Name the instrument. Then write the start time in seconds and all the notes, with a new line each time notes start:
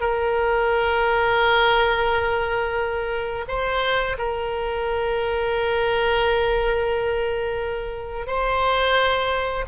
oboe
0.00 A#4
3.47 C5
4.18 A#4
8.26 C5